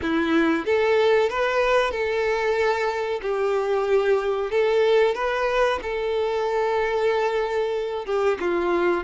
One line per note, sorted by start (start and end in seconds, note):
0.01 0.65 E4
0.65 1.29 A4
1.29 1.91 B4
1.91 3.20 A4
3.22 4.50 G4
4.50 5.14 A4
5.14 5.79 B4
5.82 8.05 A4
8.05 8.38 G4
8.40 9.04 F4